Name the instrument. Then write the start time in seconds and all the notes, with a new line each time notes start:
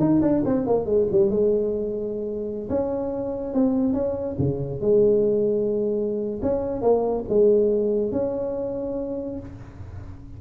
tuba
0.00 D#4
0.22 D4
0.46 C4
0.67 A#3
0.86 G#3
1.11 G3
1.31 G#3
2.70 C#4
3.54 C4
3.94 C#4
4.39 C#3
4.81 G#3
6.42 C#4
6.82 A#3
7.29 G#3
8.12 C#4